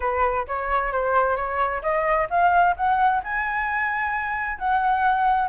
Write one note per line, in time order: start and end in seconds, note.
0.00 0.46 B4
0.47 0.92 C#5
0.92 1.36 C5
1.36 1.82 C#5
1.82 2.28 D#5
2.30 2.75 F5
2.76 3.22 F#5
3.23 4.58 G#5
4.58 5.48 F#5